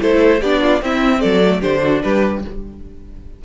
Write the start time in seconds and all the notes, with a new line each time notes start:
0.00 A3 E4 A4 C5
0.41 B3 D4 G4 D5
0.61 F4
0.81 C4 E4 E5
1.20 F#3 A4 D5
1.44 A3
1.61 D3 D4 G4 C5
1.83 F#4
2.02 G3 G4 B4